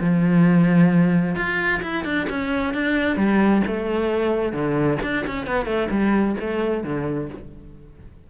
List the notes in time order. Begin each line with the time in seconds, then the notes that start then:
0.00 F3
1.35 F4
1.82 E4
2.04 D4
2.29 C#4
2.73 D4
3.16 G3
3.67 A3
4.52 D3
5.02 D4
5.26 C#4
5.46 B3
5.65 A3
5.90 G3
6.40 A3
6.83 D3